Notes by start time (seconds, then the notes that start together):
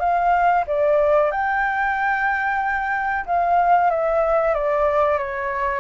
0.00 F5
0.67 D5
1.31 G5
3.26 F5
3.90 E5
4.54 D5
5.18 C#5